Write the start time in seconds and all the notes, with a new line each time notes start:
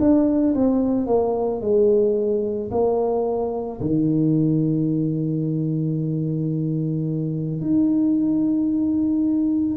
0.00 D4
0.55 C4
1.07 A#3
1.62 G#3
2.71 A#3
3.81 D#3
7.61 D#4